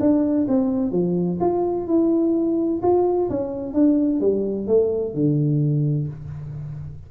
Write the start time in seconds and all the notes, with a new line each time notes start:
0.00 D4
0.48 C4
0.92 F3
1.41 F4
1.87 E4
2.82 F4
3.30 C#4
3.74 D4
4.21 G3
4.67 A3
5.14 D3